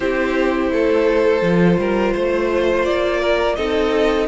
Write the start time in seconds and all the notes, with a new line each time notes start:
0.00 C4 E4 G4 C5
0.71 A3 A4
1.41 F3 F4
1.78 G3 A#4
2.13 A3 C5
2.84 A#3 D5
3.20 A#4
3.55 C4 D#4 A4 D#5